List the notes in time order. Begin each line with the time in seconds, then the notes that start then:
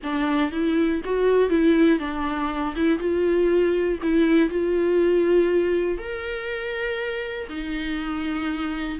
0.02 D4
0.51 E4
1.05 F#4
1.49 E4
1.99 D4
2.75 E4
2.98 F4
4.02 E4
4.49 F4
5.98 A#4
7.49 D#4